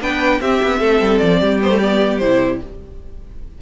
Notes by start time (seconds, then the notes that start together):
0.00 B3 D4 B4 G5
0.40 C4 G4 E5
0.62 B3
0.79 A3 A4
1.00 G3
1.18 F3 D5
1.40 G3 G4
1.62 B3 C5
1.70 A3
1.78 B3 D5
2.18 C3 E4 C5